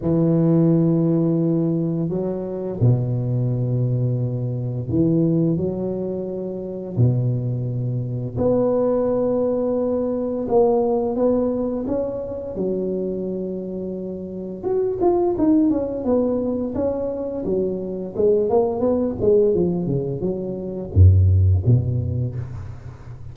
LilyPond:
\new Staff \with { instrumentName = "tuba" } { \time 4/4 \tempo 4 = 86 e2. fis4 | b,2. e4 | fis2 b,2 | b2. ais4 |
b4 cis'4 fis2~ | fis4 fis'8 f'8 dis'8 cis'8 b4 | cis'4 fis4 gis8 ais8 b8 gis8 | f8 cis8 fis4 fis,4 b,4 | }